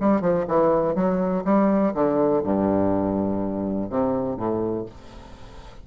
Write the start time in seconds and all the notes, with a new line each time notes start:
0.00 G3
0.21 F3
0.47 E3
0.95 F#3
1.45 G3
1.94 D3
2.43 G2
3.90 C3
4.37 A2